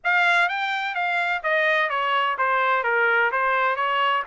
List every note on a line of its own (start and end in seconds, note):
0.04 0.48 F5
0.48 0.94 G5
0.94 1.42 F5
1.43 1.89 D#5
1.89 2.36 C#5
2.38 2.83 C5
2.83 3.31 A#4
3.31 3.76 C5
3.76 4.23 C#5